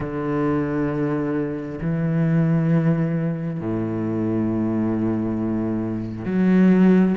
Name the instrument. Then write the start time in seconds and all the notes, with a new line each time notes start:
cello
0.00 D3
1.80 E3
3.59 A2
6.25 F#3